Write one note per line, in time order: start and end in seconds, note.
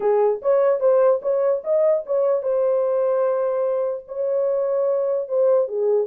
0.00 0.40 G#4
0.42 0.80 C#5
0.80 1.20 C5
1.22 1.62 C#5
1.64 2.04 D#5
2.05 2.42 C#5
2.42 4.04 C5
4.07 5.28 C#5
5.28 5.68 C5
5.68 6.07 G#4